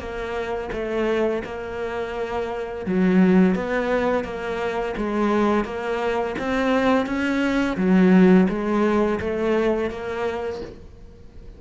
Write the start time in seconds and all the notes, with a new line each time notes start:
0.00 A#3
0.73 A3
1.45 A#3
2.86 F#3
3.56 B3
4.25 A#3
4.98 G#3
5.65 A#3
6.39 C4
7.07 C#4
7.77 F#3
8.49 G#3
9.21 A3
9.91 A#3